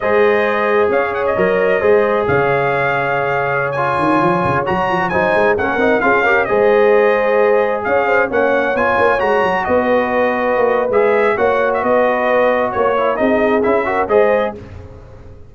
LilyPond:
<<
  \new Staff \with { instrumentName = "trumpet" } { \time 4/4 \tempo 4 = 132 dis''2 f''8 fis''16 dis''4~ dis''16~ | dis''4 f''2.~ | f''16 gis''2 ais''4 gis''8.~ | gis''16 fis''4 f''4 dis''4.~ dis''16~ |
dis''4~ dis''16 f''4 fis''4 gis''8.~ | gis''16 ais''4 dis''2~ dis''8. | e''4 fis''8. e''16 dis''2 | cis''4 dis''4 e''4 dis''4 | }
  \new Staff \with { instrumentName = "horn" } { \time 4/4 c''2 cis''2 | c''4 cis''2.~ | cis''2.~ cis''16 c''8.~ | c''16 ais'4 gis'8 ais'8 c''4.~ c''16~ |
c''4~ c''16 cis''8 c''8 cis''4.~ cis''16~ | cis''4~ cis''16 b'2~ b'8.~ | b'4 cis''4 b'2 | cis''4 gis'4. ais'8 c''4 | }
  \new Staff \with { instrumentName = "trombone" } { \time 4/4 gis'2. ais'4 | gis'1~ | gis'16 f'2 fis'4 dis'8.~ | dis'16 cis'8 dis'8 f'8 g'8 gis'4.~ gis'16~ |
gis'2~ gis'16 cis'4 f'8.~ | f'16 fis'2.~ fis'8. | gis'4 fis'2.~ | fis'8 e'8 dis'4 e'8 fis'8 gis'4 | }
  \new Staff \with { instrumentName = "tuba" } { \time 4/4 gis2 cis'4 fis4 | gis4 cis2.~ | cis8. dis8 f8 cis8 fis8 f8 fis8 gis16~ | gis16 ais8 c'8 cis'4 gis4.~ gis16~ |
gis4~ gis16 cis'4 ais4 b8 ais16~ | ais16 gis8 fis8 b2 ais8. | gis4 ais4 b2 | ais4 c'4 cis'4 gis4 | }
>>